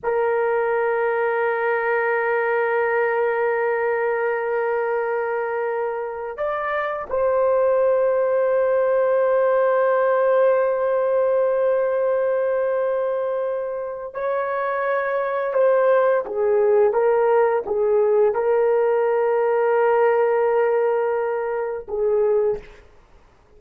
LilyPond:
\new Staff \with { instrumentName = "horn" } { \time 4/4 \tempo 4 = 85 ais'1~ | ais'1~ | ais'4 d''4 c''2~ | c''1~ |
c''1 | cis''2 c''4 gis'4 | ais'4 gis'4 ais'2~ | ais'2. gis'4 | }